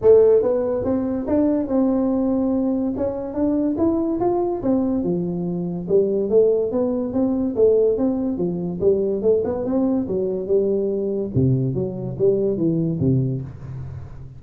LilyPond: \new Staff \with { instrumentName = "tuba" } { \time 4/4 \tempo 4 = 143 a4 b4 c'4 d'4 | c'2. cis'4 | d'4 e'4 f'4 c'4 | f2 g4 a4 |
b4 c'4 a4 c'4 | f4 g4 a8 b8 c'4 | fis4 g2 c4 | fis4 g4 e4 c4 | }